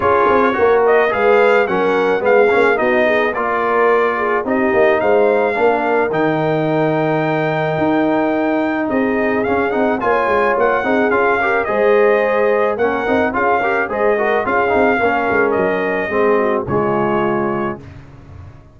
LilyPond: <<
  \new Staff \with { instrumentName = "trumpet" } { \time 4/4 \tempo 4 = 108 cis''4. dis''8 f''4 fis''4 | f''4 dis''4 d''2 | dis''4 f''2 g''4~ | g''1 |
dis''4 f''8 fis''8 gis''4 fis''4 | f''4 dis''2 fis''4 | f''4 dis''4 f''2 | dis''2 cis''2 | }
  \new Staff \with { instrumentName = "horn" } { \time 4/4 gis'4 ais'4 b'4 ais'4 | gis'4 fis'8 gis'8 ais'4. gis'8 | g'4 c''4 ais'2~ | ais'1 |
gis'2 cis''4. gis'8~ | gis'8 ais'8 c''2 ais'4 | gis'8 ais'8 c''8 ais'8 gis'4 ais'4~ | ais'4 gis'8 fis'8 f'2 | }
  \new Staff \with { instrumentName = "trombone" } { \time 4/4 f'4 fis'4 gis'4 cis'4 | b8 cis'8 dis'4 f'2 | dis'2 d'4 dis'4~ | dis'1~ |
dis'4 cis'8 dis'8 f'4. dis'8 | f'8 g'8 gis'2 cis'8 dis'8 | f'8 g'8 gis'8 fis'8 f'8 dis'8 cis'4~ | cis'4 c'4 gis2 | }
  \new Staff \with { instrumentName = "tuba" } { \time 4/4 cis'8 c'8 ais4 gis4 fis4 | gis8 ais8 b4 ais2 | c'8 ais8 gis4 ais4 dis4~ | dis2 dis'2 |
c'4 cis'8 c'8 ais8 gis8 ais8 c'8 | cis'4 gis2 ais8 c'8 | cis'4 gis4 cis'8 c'8 ais8 gis8 | fis4 gis4 cis2 | }
>>